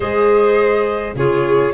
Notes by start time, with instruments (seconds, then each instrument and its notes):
0.00 tuba G#3, clarinet G#4, violin C5, flute D#5
1.15 tuba C#3, clarinet F4, violin G#4, flute C#5